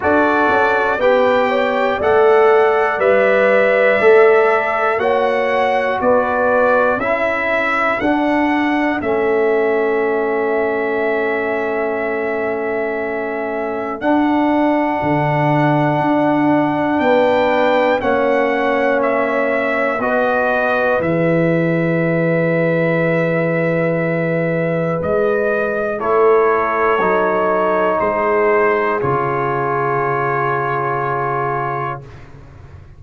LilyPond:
<<
  \new Staff \with { instrumentName = "trumpet" } { \time 4/4 \tempo 4 = 60 d''4 g''4 fis''4 e''4~ | e''4 fis''4 d''4 e''4 | fis''4 e''2.~ | e''2 fis''2~ |
fis''4 g''4 fis''4 e''4 | dis''4 e''2.~ | e''4 dis''4 cis''2 | c''4 cis''2. | }
  \new Staff \with { instrumentName = "horn" } { \time 4/4 a'4 b'8 cis''8 d''2~ | d''4 cis''4 b'4 a'4~ | a'1~ | a'1~ |
a'4 b'4 cis''2 | b'1~ | b'2 a'2 | gis'1 | }
  \new Staff \with { instrumentName = "trombone" } { \time 4/4 fis'4 g'4 a'4 b'4 | a'4 fis'2 e'4 | d'4 cis'2.~ | cis'2 d'2~ |
d'2 cis'2 | fis'4 gis'2.~ | gis'2 e'4 dis'4~ | dis'4 f'2. | }
  \new Staff \with { instrumentName = "tuba" } { \time 4/4 d'8 cis'8 b4 a4 g4 | a4 ais4 b4 cis'4 | d'4 a2.~ | a2 d'4 d4 |
d'4 b4 ais2 | b4 e2.~ | e4 gis4 a4 fis4 | gis4 cis2. | }
>>